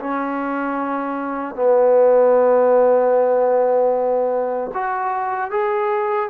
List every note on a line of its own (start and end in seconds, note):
0.00 1.56 C#4
1.56 4.72 B3
4.74 5.51 F#4
5.51 6.30 G#4